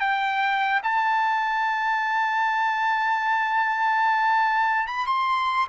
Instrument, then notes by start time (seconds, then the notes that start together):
trumpet
0.00 G5
0.83 A5
4.87 B5
5.06 C6